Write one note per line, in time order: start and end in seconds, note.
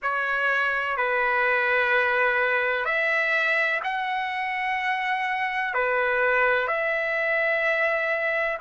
0.02 0.97 C#5
0.97 2.85 B4
2.85 3.80 E5
3.83 5.74 F#5
5.74 6.67 B4
6.67 8.58 E5